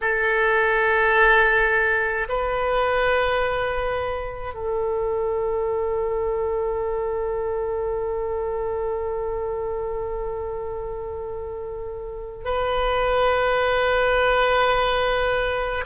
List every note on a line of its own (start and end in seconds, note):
0.01 2.27 A4
2.28 4.53 B4
4.53 12.44 A4
12.44 15.84 B4